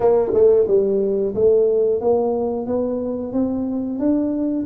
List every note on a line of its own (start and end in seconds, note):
0.00 0.32 A#3
0.33 0.67 A3
0.67 1.34 G3
1.35 2.00 A3
2.00 2.66 A#3
2.66 3.32 B3
3.32 3.99 C4
3.99 4.65 D4